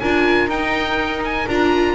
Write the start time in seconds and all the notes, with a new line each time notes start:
0.00 D4 F4 A#4 G#5
0.47 D#4 G5
1.24 G#5
1.48 D4 F4 A#5